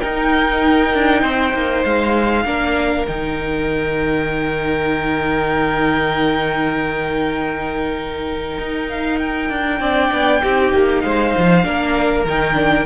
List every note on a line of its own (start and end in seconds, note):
0.00 2.45 D#4
0.00 0.94 D#4
0.00 1.21 A#4
0.00 1.84 G5
0.94 1.22 D4
1.21 1.53 C4
1.21 2.44 C5
1.53 1.84 A#3
1.84 2.44 G#3
1.84 3.06 F5
2.44 3.05 A#3
2.44 3.06 D4
2.44 9.80 A#4
3.07 8.58 D#3
3.07 9.81 D#4
3.07 8.89 G5
8.58 9.49 D#4
8.89 9.19 F5
9.19 11.00 G5
9.49 9.80 D4
9.80 10.10 C4
9.80 10.42 D4
9.80 10.41 D5
10.12 10.42 B3
10.42 10.73 C4
10.42 11.63 D#4
10.42 11.04 G4
10.73 11.03 A#3
11.00 11.34 G#3
11.00 11.65 C5
11.00 12.23 F5
11.37 11.64 F3
11.63 12.25 A#3
11.63 12.24 D4
11.63 12.86 A#4
12.25 12.86 D#3
12.25 12.54 D#4
12.25 12.86 G5
12.54 12.84 D4